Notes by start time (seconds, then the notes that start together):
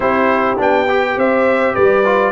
0.00 C4 E4 G4 C5
0.57 B3 D4 G5
0.88 G4
1.16 C4 C5 E5
1.74 G3 B4 D5
2.04 F4